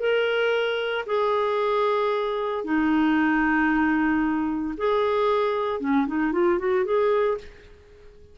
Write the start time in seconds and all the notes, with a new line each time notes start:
0.00 A#4
1.06 G#4
2.65 D#4
4.78 G#4
5.81 C#4
6.08 D#4
6.33 F4
6.59 F#4
6.85 G#4